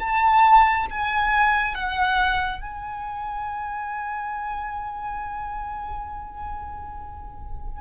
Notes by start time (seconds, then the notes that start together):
0.00 A5
0.91 G#5
1.75 F#5
2.61 G#5